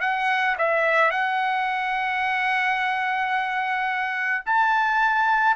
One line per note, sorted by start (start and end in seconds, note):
0.00 0.56 F#5
0.58 1.11 E5
1.11 4.44 F#5
4.45 5.56 A5